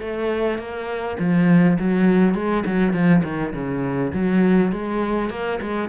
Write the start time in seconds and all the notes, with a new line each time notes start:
0.00 A3
0.58 A#3
1.19 F3
1.78 F#3
2.34 G#3
2.66 F#3
2.93 F3
3.24 D#3
3.53 C#3
4.13 F#3
4.71 G#3
5.30 A#3
5.61 G#3